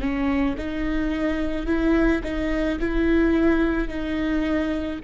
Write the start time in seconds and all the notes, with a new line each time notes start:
0.00 C#4
0.57 D#4
1.66 E4
2.23 D#4
2.80 E4
3.88 D#4